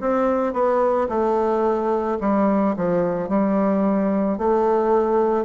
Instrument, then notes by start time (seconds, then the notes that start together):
bassoon
0.00 C4
0.53 B3
1.09 A3
2.20 G3
2.76 F3
3.29 G3
4.37 A3